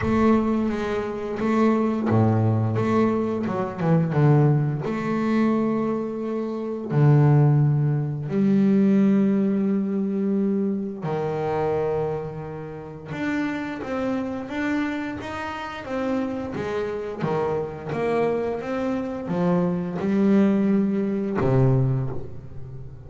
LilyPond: \new Staff \with { instrumentName = "double bass" } { \time 4/4 \tempo 4 = 87 a4 gis4 a4 a,4 | a4 fis8 e8 d4 a4~ | a2 d2 | g1 |
dis2. d'4 | c'4 d'4 dis'4 c'4 | gis4 dis4 ais4 c'4 | f4 g2 c4 | }